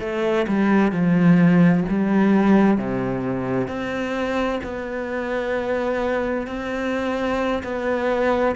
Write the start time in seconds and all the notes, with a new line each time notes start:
0.00 A3
0.47 G3
0.92 F3
1.88 G3
2.78 C3
3.68 C4
4.63 B3
6.47 C4
7.63 B3